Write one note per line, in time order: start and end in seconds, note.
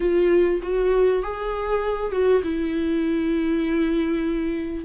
0.00 0.60 F4
0.62 1.22 F#4
1.22 2.12 G#4
2.12 2.42 F#4
2.43 4.85 E4